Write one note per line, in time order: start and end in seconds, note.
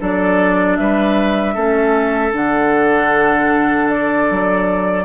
0.00 0.79 F#3
0.00 1.55 D4
0.00 0.78 A4
0.00 0.77 D5
0.77 1.56 G3
0.77 1.55 B4
0.77 2.33 E5
1.55 2.33 A3
1.55 2.32 C#4
1.55 5.05 A4
2.32 4.27 D3
2.32 5.05 D4
2.32 3.90 F#5
3.90 5.06 D5
4.31 5.06 F#3